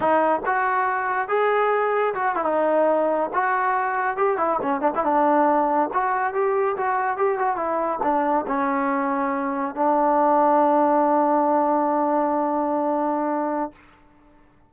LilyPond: \new Staff \with { instrumentName = "trombone" } { \time 4/4 \tempo 4 = 140 dis'4 fis'2 gis'4~ | gis'4 fis'8 e'16 dis'2 fis'16~ | fis'4.~ fis'16 g'8 e'8 cis'8 d'16 e'16 d'16~ | d'4.~ d'16 fis'4 g'4 fis'16~ |
fis'8. g'8 fis'8 e'4 d'4 cis'16~ | cis'2~ cis'8. d'4~ d'16~ | d'1~ | d'1 | }